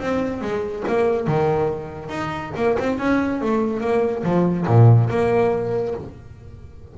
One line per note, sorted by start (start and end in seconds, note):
0.00 0.41 C4
0.41 0.84 G#3
0.88 1.27 A#3
1.27 2.09 D#3
2.09 2.52 D#4
2.56 2.77 A#3
2.79 2.98 C4
2.98 3.41 C#4
3.41 3.81 A3
3.81 4.23 A#3
4.23 4.66 F3
4.67 5.09 A#2
5.09 5.95 A#3